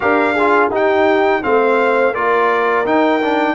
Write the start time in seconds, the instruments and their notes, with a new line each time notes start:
0.00 tuba D4, trombone G4, horn A#4, trumpet F5
0.33 trombone F4, horn G#4
0.69 tuba D#4, trombone D#4, horn G4, trumpet G5
1.42 tuba A3, trombone C4, horn C5, trumpet F5
2.12 tuba A#3, trombone F4, horn A#4, trumpet D5
2.85 tuba D#4, trombone D#4, trumpet G5
3.21 trombone D4